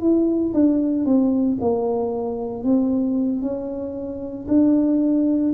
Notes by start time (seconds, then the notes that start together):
0.00 E4
0.54 D4
1.05 C4
1.61 A#3
2.64 C4
3.41 C#4
4.48 D4